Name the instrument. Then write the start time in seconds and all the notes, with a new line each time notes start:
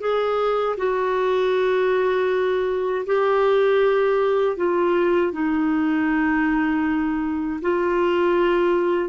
clarinet
0.00 G#4
0.77 F#4
3.06 G4
4.57 F4
5.32 D#4
7.62 F4